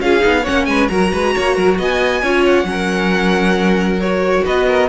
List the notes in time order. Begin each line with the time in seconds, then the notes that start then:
0.00 C#4 F4 G#4 F5
0.20 B3 D#4
0.42 C#4 C#5 F#5
0.49 A#3
0.65 G#3 B4 G#5
0.88 F#3 F#4 A#4 A#5
1.12 G#3 B4
1.35 A#3 C#5
1.55 F#3 A#4
1.78 B3 D#5 G#5
2.22 C#4 F4 C#5
2.45 F#5
2.64 F#3 C#4
2.70 A#4
4.00 F#4 C#5
4.44 B3 B4 D#5
4.68 A#4